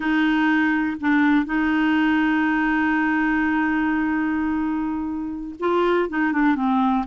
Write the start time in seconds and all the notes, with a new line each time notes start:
0.00 D#4
1.00 D4
1.45 D#4
5.59 F4
6.09 D#4
6.32 D4
6.55 C4